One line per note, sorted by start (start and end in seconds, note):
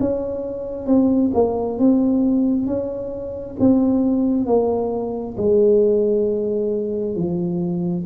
0.00 0.86 C#4
0.86 1.31 C4
1.34 1.79 A#3
1.79 2.66 C4
2.66 3.56 C#4
3.59 4.47 C4
4.47 5.36 A#3
5.37 7.16 G#3
7.16 8.05 F3